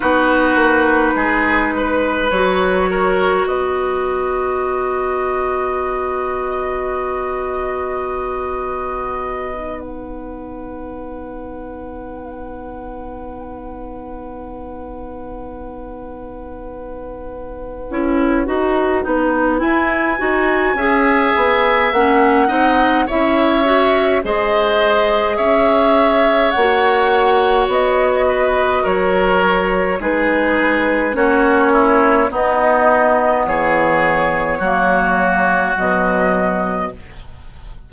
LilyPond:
<<
  \new Staff \with { instrumentName = "flute" } { \time 4/4 \tempo 4 = 52 b'2 cis''4 dis''4~ | dis''1~ | dis''8 fis''2.~ fis''8~ | fis''1~ |
fis''4 gis''2 fis''4 | e''4 dis''4 e''4 fis''4 | dis''4 cis''4 b'4 cis''4 | dis''4 cis''2 dis''4 | }
  \new Staff \with { instrumentName = "oboe" } { \time 4/4 fis'4 gis'8 b'4 ais'8 b'4~ | b'1~ | b'1~ | b'1~ |
b'2 e''4. dis''8 | cis''4 c''4 cis''2~ | cis''8 b'8 ais'4 gis'4 fis'8 e'8 | dis'4 gis'4 fis'2 | }
  \new Staff \with { instrumentName = "clarinet" } { \time 4/4 dis'2 fis'2~ | fis'1~ | fis'16 dis'2.~ dis'8.~ | dis'2.~ dis'8 e'8 |
fis'8 dis'8 e'8 fis'8 gis'4 cis'8 dis'8 | e'8 fis'8 gis'2 fis'4~ | fis'2 dis'4 cis'4 | b2 ais4 fis4 | }
  \new Staff \with { instrumentName = "bassoon" } { \time 4/4 b8 ais8 gis4 fis4 b4~ | b1~ | b1~ | b2.~ b8 cis'8 |
dis'8 b8 e'8 dis'8 cis'8 b8 ais8 c'8 | cis'4 gis4 cis'4 ais4 | b4 fis4 gis4 ais4 | b4 e4 fis4 b,4 | }
>>